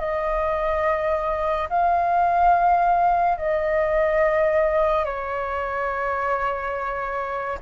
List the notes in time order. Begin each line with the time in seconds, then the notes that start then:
0.00 D#5
1.70 F5
3.38 D#5
5.05 C#5